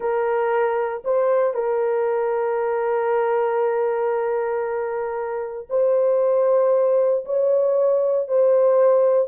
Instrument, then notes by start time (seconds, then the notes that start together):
horn
0.00 A#4
1.04 C5
1.54 A#4
5.69 C5
7.25 C#5
8.28 C5